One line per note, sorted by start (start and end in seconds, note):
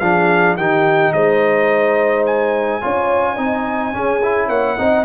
0.00 0.57 F3
0.00 0.58 D4
0.00 0.57 G#4
0.00 0.56 F5
0.57 1.13 D#3
0.57 2.82 D#4
0.57 1.13 G4
0.57 1.13 G5
1.13 2.82 G#3
1.13 2.83 C5
1.13 2.25 D#5
2.26 4.49 G#5
2.82 3.38 C#4
2.82 3.37 F4
2.82 3.36 C#5
3.36 3.94 C4
3.36 3.93 D#4
3.36 3.92 D#5
3.93 4.21 C#4
3.93 4.49 C#4
3.93 4.48 G#4
4.23 4.78 E4
4.48 4.77 A#3
4.48 4.76 C#5
4.48 5.05 F#5
4.78 5.05 C4
4.78 5.05 D#4
4.78 5.05 D#5